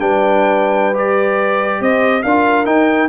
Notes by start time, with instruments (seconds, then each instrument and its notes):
0.00 tuba G3, trombone D4, horn B4, trumpet G5
0.94 trombone G4, trumpet D5
1.81 tuba C4, horn C5, trumpet D#5
2.23 tuba D4, trombone F4, horn A#4, trumpet F5
2.66 trombone D#4, tuba D#4, trumpet G5